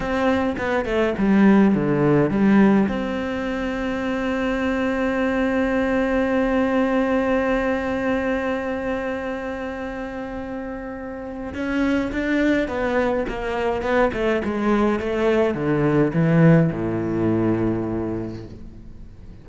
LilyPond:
\new Staff \with { instrumentName = "cello" } { \time 4/4 \tempo 4 = 104 c'4 b8 a8 g4 d4 | g4 c'2.~ | c'1~ | c'1~ |
c'1 | cis'4 d'4 b4 ais4 | b8 a8 gis4 a4 d4 | e4 a,2. | }